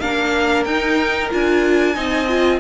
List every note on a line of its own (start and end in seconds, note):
0.00 0.66 A#3
0.00 0.66 D4
0.00 1.95 A#4
0.00 0.65 F5
0.65 1.30 D#4
0.65 1.29 G5
1.30 1.96 D4
1.30 1.95 F4
1.30 2.60 G#5
1.95 2.60 C4
1.95 2.27 D#4
1.95 2.60 D#5
2.28 2.60 F4